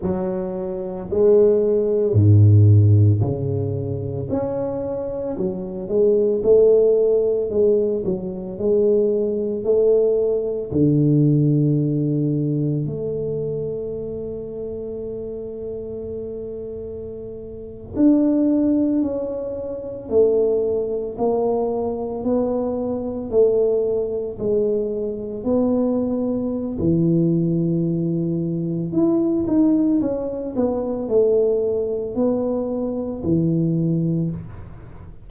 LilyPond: \new Staff \with { instrumentName = "tuba" } { \time 4/4 \tempo 4 = 56 fis4 gis4 gis,4 cis4 | cis'4 fis8 gis8 a4 gis8 fis8 | gis4 a4 d2 | a1~ |
a8. d'4 cis'4 a4 ais16~ | ais8. b4 a4 gis4 b16~ | b4 e2 e'8 dis'8 | cis'8 b8 a4 b4 e4 | }